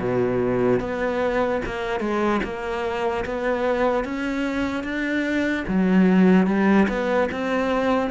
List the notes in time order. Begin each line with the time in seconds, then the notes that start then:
0.00 B2
0.80 B3
1.66 A#3
2.00 G#3
2.44 A#3
3.25 B3
4.04 C#4
4.84 D4
5.68 F#3
6.47 G3
6.88 B3
7.32 C4